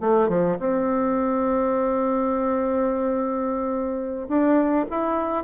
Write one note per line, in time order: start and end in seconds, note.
0.00 0.29 A3
0.29 0.57 F3
0.59 4.28 C4
4.28 4.85 D4
4.90 5.44 E4